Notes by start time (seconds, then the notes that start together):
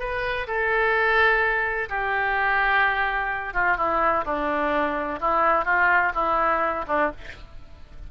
0.00 B4
0.48 A4
1.89 G4
3.54 F4
3.78 E4
4.25 D4
5.21 E4
5.65 F4
6.15 E4
6.88 D4